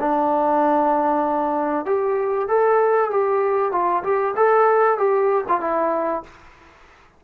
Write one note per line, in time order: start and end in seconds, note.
0.00 1.86 D4
1.86 2.48 G4
2.49 3.11 A4
3.11 3.72 G4
3.72 4.03 F4
4.03 4.35 G4
4.36 4.98 A4
4.98 5.45 G4
5.48 5.61 F4
5.61 6.23 E4